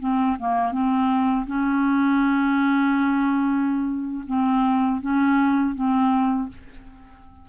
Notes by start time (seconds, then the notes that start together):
0.00 C4
0.39 A#3
0.72 C4
1.47 C#4
4.27 C4
5.01 C#4
5.75 C4